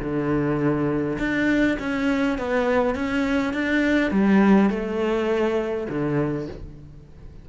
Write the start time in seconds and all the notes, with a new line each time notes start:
0.00 D3
1.19 D4
1.79 C#4
2.38 B3
2.95 C#4
3.53 D4
4.11 G3
4.70 A3
5.89 D3